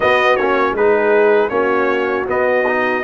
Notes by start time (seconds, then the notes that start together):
0.00 B3 F#4 D#5
0.36 A#3 C#4 C#5
0.72 G#3 D#4 G#4 B4
1.49 A#3 C#4 F#4 C#5
2.26 B3 D#5
2.66 D#4